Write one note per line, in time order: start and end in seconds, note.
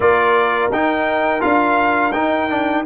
0.00 0.71 A#3
0.00 0.71 F4
0.00 2.85 A#4
0.00 0.71 D5
0.71 1.42 D#4
0.71 1.40 D#4
0.71 1.41 G5
1.40 2.13 D4
1.40 2.11 F4
1.40 2.12 F5
2.12 2.49 D#4
2.12 2.84 D#4
2.12 2.83 G5
2.49 2.85 D4